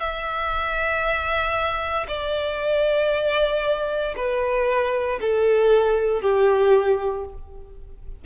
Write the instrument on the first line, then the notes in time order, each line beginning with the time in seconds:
violin
0.00 E5
2.08 D5
4.16 B4
5.21 A4
6.22 G4